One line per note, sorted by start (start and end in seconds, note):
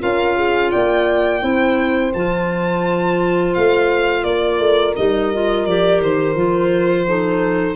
0.00 0.73 C#4
0.00 1.41 F4
0.00 0.37 A#4
0.00 0.71 F5
0.37 0.72 G#4
0.71 1.43 A#3
0.71 1.42 D5
0.71 2.12 G5
1.41 2.13 C4
1.41 2.11 E4
1.41 4.25 C5
2.14 3.56 F3
2.14 4.97 F4
2.14 3.54 A5
3.54 4.24 A3
3.54 4.24 F5
4.24 4.59 A#3
4.24 7.07 A#4
4.24 4.94 D5
4.60 4.95 A3
4.96 5.66 G3
4.96 5.32 D#4
4.96 5.66 D#5
5.34 5.68 F4
5.66 6.01 F3
5.66 6.36 G4
5.66 6.01 D5
6.01 6.35 D#3
6.01 7.76 C5
6.35 7.76 F3
6.35 7.07 F4
7.07 7.76 D#4
7.07 7.76 A4